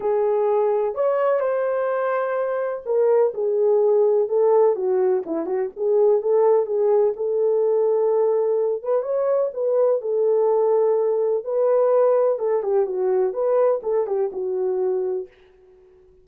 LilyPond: \new Staff \with { instrumentName = "horn" } { \time 4/4 \tempo 4 = 126 gis'2 cis''4 c''4~ | c''2 ais'4 gis'4~ | gis'4 a'4 fis'4 e'8 fis'8 | gis'4 a'4 gis'4 a'4~ |
a'2~ a'8 b'8 cis''4 | b'4 a'2. | b'2 a'8 g'8 fis'4 | b'4 a'8 g'8 fis'2 | }